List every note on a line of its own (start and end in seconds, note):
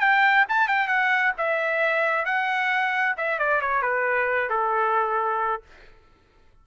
0.00 0.45 G5
0.49 0.68 A5
0.68 0.87 G5
0.87 1.32 F#5
1.37 2.25 E5
2.25 3.15 F#5
3.17 3.39 E5
3.39 3.61 D5
3.61 3.82 C#5
3.82 4.49 B4
4.49 5.62 A4